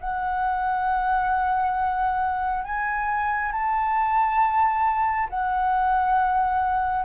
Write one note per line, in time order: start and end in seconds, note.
0.00 2.64 F#5
2.64 3.52 G#5
3.52 5.29 A5
5.29 7.05 F#5